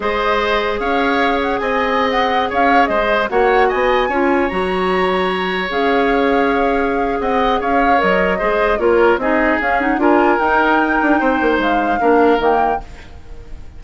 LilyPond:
<<
  \new Staff \with { instrumentName = "flute" } { \time 4/4 \tempo 4 = 150 dis''2 f''4. fis''8 | gis''4~ gis''16 fis''4 f''4 dis''8.~ | dis''16 fis''4 gis''2 ais''8.~ | ais''2~ ais''16 f''4.~ f''16~ |
f''2 fis''4 f''4 | dis''2 cis''4 dis''4 | f''8 fis''8 gis''4 g''2~ | g''4 f''2 g''4 | }
  \new Staff \with { instrumentName = "oboe" } { \time 4/4 c''2 cis''2 | dis''2~ dis''16 cis''4 c''8.~ | c''16 cis''4 dis''4 cis''4.~ cis''16~ | cis''1~ |
cis''2 dis''4 cis''4~ | cis''4 c''4 ais'4 gis'4~ | gis'4 ais'2. | c''2 ais'2 | }
  \new Staff \with { instrumentName = "clarinet" } { \time 4/4 gis'1~ | gis'1~ | gis'16 fis'2 f'4 fis'8.~ | fis'2~ fis'16 gis'4.~ gis'16~ |
gis'1 | ais'4 gis'4 f'4 dis'4 | cis'8 dis'8 f'4 dis'2~ | dis'2 d'4 ais4 | }
  \new Staff \with { instrumentName = "bassoon" } { \time 4/4 gis2 cis'2 | c'2~ c'16 cis'4 gis8.~ | gis16 ais4 b4 cis'4 fis8.~ | fis2~ fis16 cis'4.~ cis'16~ |
cis'2 c'4 cis'4 | fis4 gis4 ais4 c'4 | cis'4 d'4 dis'4. d'8 | c'8 ais8 gis4 ais4 dis4 | }
>>